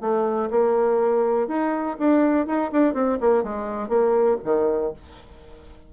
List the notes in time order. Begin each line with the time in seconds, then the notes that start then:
0.00 A3
0.50 A#3
1.47 D#4
1.99 D4
2.46 D#4
2.71 D4
2.94 C4
3.20 A#3
3.43 G#3
3.88 A#3
4.44 D#3